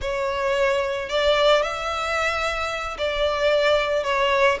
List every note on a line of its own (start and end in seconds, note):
0.01 1.09 C#5
1.09 1.62 D5
1.62 2.97 E5
2.98 4.03 D5
4.03 4.57 C#5